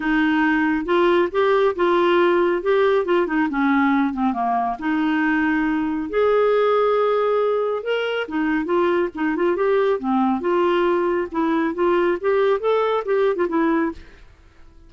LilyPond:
\new Staff \with { instrumentName = "clarinet" } { \time 4/4 \tempo 4 = 138 dis'2 f'4 g'4 | f'2 g'4 f'8 dis'8 | cis'4. c'8 ais4 dis'4~ | dis'2 gis'2~ |
gis'2 ais'4 dis'4 | f'4 dis'8 f'8 g'4 c'4 | f'2 e'4 f'4 | g'4 a'4 g'8. f'16 e'4 | }